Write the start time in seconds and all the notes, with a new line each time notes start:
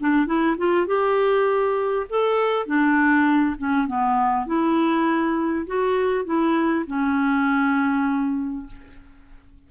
0.00 D4
0.26 E4
0.57 F4
0.86 G4
2.09 A4
2.66 D4
3.57 C#4
3.87 B3
4.46 E4
5.67 F#4
6.25 E4
6.86 C#4